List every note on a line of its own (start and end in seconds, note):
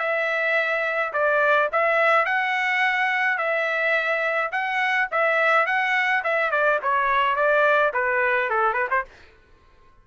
0.00 1.13 E5
1.13 1.70 D5
1.73 2.26 E5
2.26 3.38 F#5
3.38 4.51 E5
4.52 5.09 F#5
5.12 5.67 E5
5.67 6.23 F#5
6.24 6.51 E5
6.51 6.80 D5
6.83 7.36 C#5
7.36 7.93 D5
7.94 8.50 B4
8.50 8.74 A4
8.74 8.88 B4
8.91 9.05 C5